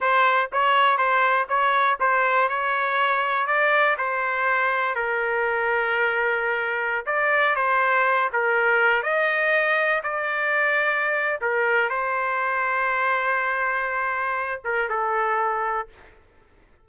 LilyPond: \new Staff \with { instrumentName = "trumpet" } { \time 4/4 \tempo 4 = 121 c''4 cis''4 c''4 cis''4 | c''4 cis''2 d''4 | c''2 ais'2~ | ais'2~ ais'16 d''4 c''8.~ |
c''8. ais'4. dis''4.~ dis''16~ | dis''16 d''2~ d''8. ais'4 | c''1~ | c''4. ais'8 a'2 | }